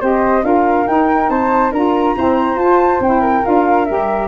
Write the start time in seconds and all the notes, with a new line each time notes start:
0.00 C4 G4 C5 D#5
0.43 D4 F4 A#4 F5
0.88 D#4 G5
1.30 C4 C5 A5
1.72 D4 F4 A#4 A#5
2.17 C4 E4 C5
2.56 F4 A5
3.01 C4 E4 G5
3.21 A#4
3.44 D4 F4 F5
3.86 G3 G4 E5